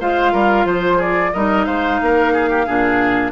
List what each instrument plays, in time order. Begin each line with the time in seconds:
0.00 bassoon G#3, clarinet F4, oboe C5, flute F5
0.32 bassoon G3, oboe A#4
0.65 bassoon F3, oboe C5, flute C5
0.97 oboe G#4, flute D5
1.32 bassoon G3, clarinet D#4, oboe A#4, flute D#5
1.65 bassoon G#3, oboe C5, flute F5
2.01 bassoon A#3, oboe A#4
2.33 oboe G#4
2.49 oboe G4
2.66 bassoon A#2, clarinet D4, oboe G#4